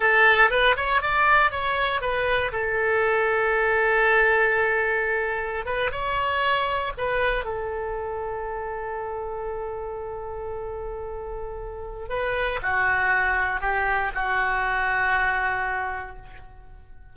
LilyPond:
\new Staff \with { instrumentName = "oboe" } { \time 4/4 \tempo 4 = 119 a'4 b'8 cis''8 d''4 cis''4 | b'4 a'2.~ | a'2.~ a'16 b'8 cis''16~ | cis''4.~ cis''16 b'4 a'4~ a'16~ |
a'1~ | a'1 | b'4 fis'2 g'4 | fis'1 | }